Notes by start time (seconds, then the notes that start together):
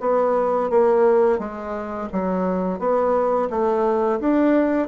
0.00 B3
0.70 A#3
1.39 G#3
2.12 F#3
2.79 B3
3.49 A3
4.20 D4